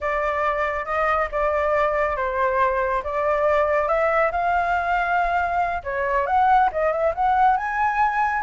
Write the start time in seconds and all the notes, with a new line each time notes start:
0.00 D5
0.85 D#5
1.31 D5
2.16 C5
3.03 D5
3.88 E5
4.31 F5
5.83 C#5
6.26 F#5
6.72 D#5
6.91 E5
7.14 F#5
7.57 G#5